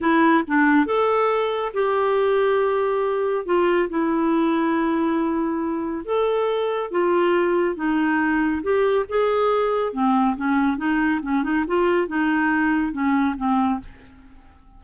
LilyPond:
\new Staff \with { instrumentName = "clarinet" } { \time 4/4 \tempo 4 = 139 e'4 d'4 a'2 | g'1 | f'4 e'2.~ | e'2 a'2 |
f'2 dis'2 | g'4 gis'2 c'4 | cis'4 dis'4 cis'8 dis'8 f'4 | dis'2 cis'4 c'4 | }